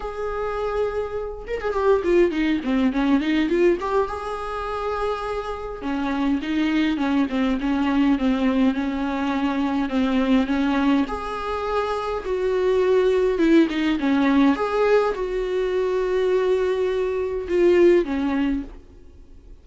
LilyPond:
\new Staff \with { instrumentName = "viola" } { \time 4/4 \tempo 4 = 103 gis'2~ gis'8 ais'16 gis'16 g'8 f'8 | dis'8 c'8 cis'8 dis'8 f'8 g'8 gis'4~ | gis'2 cis'4 dis'4 | cis'8 c'8 cis'4 c'4 cis'4~ |
cis'4 c'4 cis'4 gis'4~ | gis'4 fis'2 e'8 dis'8 | cis'4 gis'4 fis'2~ | fis'2 f'4 cis'4 | }